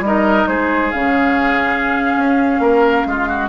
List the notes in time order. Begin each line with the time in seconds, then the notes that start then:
0.00 G3 D#4 D#5
0.06 A#4
0.47 G#3 G#4 C5
0.91 C#3 C#4 F5
2.17 C#4
2.59 A#3 A#4
3.06 G#3 F4
3.28 F#4